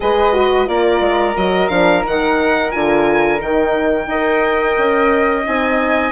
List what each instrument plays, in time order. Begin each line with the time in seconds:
0.00 bassoon G#3, horn G#4, flute B4, violin D#5
0.33 horn F#4
0.66 bassoon A#3, horn F4, flute A#4, violin D5
1.00 bassoon G#3
1.36 bassoon F#3, horn F#4, violin D#5
1.68 bassoon F3, horn D4, violin F5
2.02 bassoon D#3, horn D#4, violin F#5
2.71 bassoon D3, horn F4, violin G#5
3.38 bassoon D#3, horn D#4, violin G5
4.06 bassoon D#4, horn A#4, flute D#5
4.78 bassoon C#4
5.45 bassoon C4, horn D#4, violin G#5